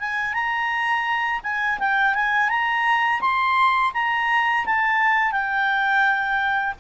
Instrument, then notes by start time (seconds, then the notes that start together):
clarinet
0.00 G#5
0.33 A#5
1.43 G#5
1.79 G5
2.15 G#5
2.49 A#5
3.21 C6
3.94 A#5
4.66 A5
5.32 G5